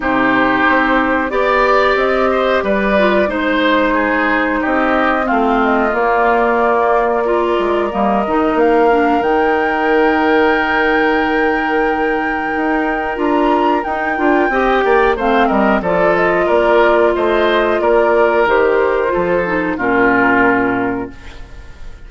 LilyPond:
<<
  \new Staff \with { instrumentName = "flute" } { \time 4/4 \tempo 4 = 91 c''2 d''4 dis''4 | d''4 c''2 dis''4 | f''8 dis''8 d''2. | dis''4 f''4 g''2~ |
g''1 | ais''4 g''2 f''8 dis''8 | d''8 dis''8 d''4 dis''4 d''4 | c''2 ais'2 | }
  \new Staff \with { instrumentName = "oboe" } { \time 4/4 g'2 d''4. c''8 | b'4 c''4 gis'4 g'4 | f'2. ais'4~ | ais'1~ |
ais'1~ | ais'2 dis''8 d''8 c''8 ais'8 | a'4 ais'4 c''4 ais'4~ | ais'4 a'4 f'2 | }
  \new Staff \with { instrumentName = "clarinet" } { \time 4/4 dis'2 g'2~ | g'8 f'8 dis'2. | c'4 ais2 f'4 | ais8 dis'4 d'8 dis'2~ |
dis'1 | f'4 dis'8 f'8 g'4 c'4 | f'1 | g'4 f'8 dis'8 cis'2 | }
  \new Staff \with { instrumentName = "bassoon" } { \time 4/4 c4 c'4 b4 c'4 | g4 gis2 c'4 | a4 ais2~ ais8 gis8 | g8 dis8 ais4 dis2~ |
dis2. dis'4 | d'4 dis'8 d'8 c'8 ais8 a8 g8 | f4 ais4 a4 ais4 | dis4 f4 ais,2 | }
>>